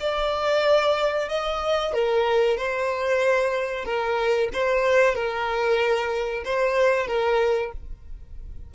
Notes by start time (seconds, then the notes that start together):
0.00 D5
1.29 D#5
1.93 A#4
2.57 C5
3.84 A#4
4.53 C5
5.15 A#4
6.45 C5
7.07 A#4